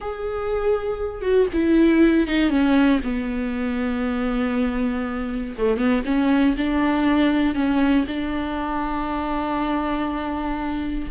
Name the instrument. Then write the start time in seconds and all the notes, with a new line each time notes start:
viola
0.00 G#4
1.21 F#4
1.53 E4
2.27 D#4
2.49 C#4
3.03 B3
5.57 A3
5.77 B3
6.05 C#4
6.57 D4
7.54 C#4
8.07 D4